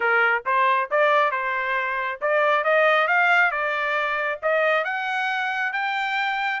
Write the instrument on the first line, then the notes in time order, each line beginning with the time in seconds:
trumpet
0.00 A#4
0.45 C5
0.90 D5
1.31 C5
2.21 D5
2.64 D#5
3.07 F5
3.51 D5
4.42 D#5
4.84 F#5
5.72 G5